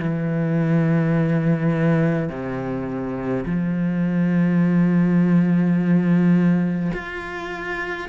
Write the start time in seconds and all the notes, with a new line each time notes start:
0.00 E3
2.29 C3
3.46 F3
6.93 F4